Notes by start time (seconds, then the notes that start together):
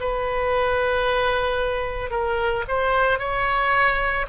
0.00 B4
2.11 A#4
2.68 C5
3.19 C#5